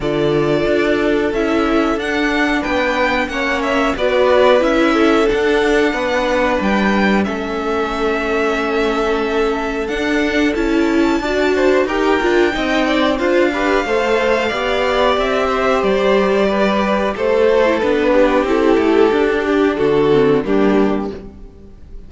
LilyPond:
<<
  \new Staff \with { instrumentName = "violin" } { \time 4/4 \tempo 4 = 91 d''2 e''4 fis''4 | g''4 fis''8 e''8 d''4 e''4 | fis''2 g''4 e''4~ | e''2. fis''4 |
a''2 g''2 | f''2. e''4 | d''2 c''4 b'4 | a'4. g'8 a'4 g'4 | }
  \new Staff \with { instrumentName = "violin" } { \time 4/4 a'1 | b'4 cis''4 b'4. a'8~ | a'4 b'2 a'4~ | a'1~ |
a'4 d''8 c''8 ais'4 dis''8 d''8 | c''8 b'8 c''4 d''4. c''8~ | c''4 b'4 a'4. g'8~ | g'2 fis'4 d'4 | }
  \new Staff \with { instrumentName = "viola" } { \time 4/4 f'2 e'4 d'4~ | d'4 cis'4 fis'4 e'4 | d'2. cis'4~ | cis'2. d'4 |
e'4 fis'4 g'8 f'8 dis'4 | f'8 g'8 a'4 g'2~ | g'2~ g'8 fis'16 e'16 d'4 | e'4 d'4. c'8 ais4 | }
  \new Staff \with { instrumentName = "cello" } { \time 4/4 d4 d'4 cis'4 d'4 | b4 ais4 b4 cis'4 | d'4 b4 g4 a4~ | a2. d'4 |
cis'4 d'4 dis'8 d'8 c'4 | d'4 a4 b4 c'4 | g2 a4 b4 | c'8 a8 d'4 d4 g4 | }
>>